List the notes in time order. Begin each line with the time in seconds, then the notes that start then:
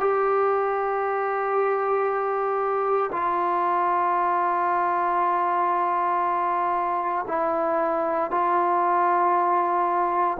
0.00 G4
3.12 F4
7.27 E4
8.31 F4